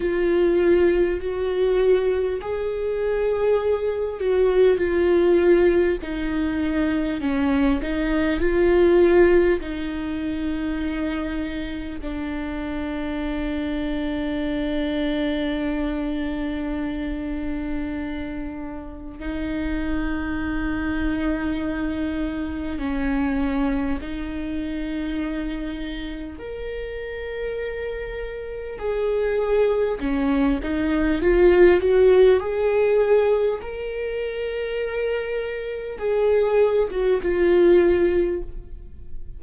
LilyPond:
\new Staff \with { instrumentName = "viola" } { \time 4/4 \tempo 4 = 50 f'4 fis'4 gis'4. fis'8 | f'4 dis'4 cis'8 dis'8 f'4 | dis'2 d'2~ | d'1 |
dis'2. cis'4 | dis'2 ais'2 | gis'4 cis'8 dis'8 f'8 fis'8 gis'4 | ais'2 gis'8. fis'16 f'4 | }